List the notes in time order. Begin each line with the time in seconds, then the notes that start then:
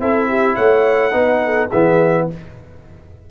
0.00 C4 E4 A4 E5
0.29 G4
0.56 A3 C#5 F#5
1.12 B3 D#4 B4
1.45 A4
1.69 E3 B3 G#4 E5